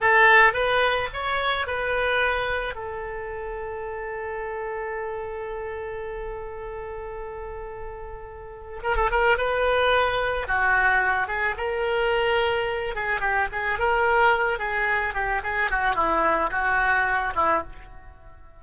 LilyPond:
\new Staff \with { instrumentName = "oboe" } { \time 4/4 \tempo 4 = 109 a'4 b'4 cis''4 b'4~ | b'4 a'2.~ | a'1~ | a'1 |
ais'16 a'16 ais'8 b'2 fis'4~ | fis'8 gis'8 ais'2~ ais'8 gis'8 | g'8 gis'8 ais'4. gis'4 g'8 | gis'8 fis'8 e'4 fis'4. e'8 | }